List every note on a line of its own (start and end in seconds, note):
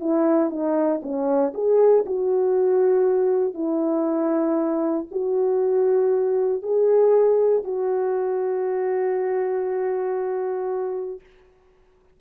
0.00 0.50 E4
0.50 1.01 D#4
1.02 1.53 C#4
1.54 2.05 G#4
2.06 3.54 F#4
3.54 5.07 E4
5.11 6.62 F#4
6.62 7.64 G#4
7.64 11.20 F#4